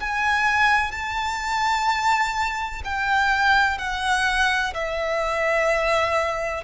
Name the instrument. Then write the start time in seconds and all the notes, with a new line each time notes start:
violin
0.00 G#5
0.91 A5
2.84 G5
3.78 F#5
4.74 E5